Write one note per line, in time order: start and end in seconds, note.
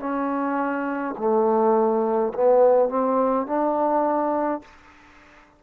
0.00 1.15 C#4
1.18 2.33 A3
2.34 2.90 B3
2.90 3.47 C4
3.47 4.62 D4